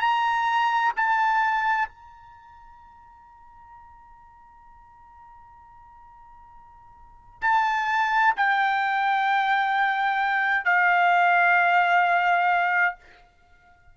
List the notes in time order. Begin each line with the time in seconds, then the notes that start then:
0.00 A#5
0.96 A5
1.88 A#5
7.41 A5
8.36 G5
10.65 F5